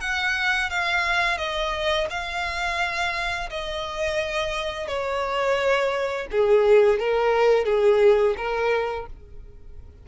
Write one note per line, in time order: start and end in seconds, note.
0.00 0.70 F#5
0.70 1.37 F5
1.37 2.07 D#5
2.10 3.49 F5
3.49 4.87 D#5
4.87 6.27 C#5
6.31 6.99 G#4
6.99 7.65 A#4
7.65 8.35 G#4
8.37 9.06 A#4